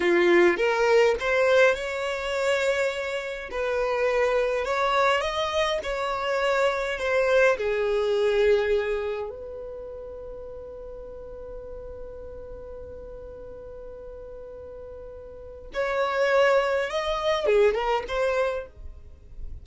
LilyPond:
\new Staff \with { instrumentName = "violin" } { \time 4/4 \tempo 4 = 103 f'4 ais'4 c''4 cis''4~ | cis''2 b'2 | cis''4 dis''4 cis''2 | c''4 gis'2. |
b'1~ | b'1~ | b'2. cis''4~ | cis''4 dis''4 gis'8 ais'8 c''4 | }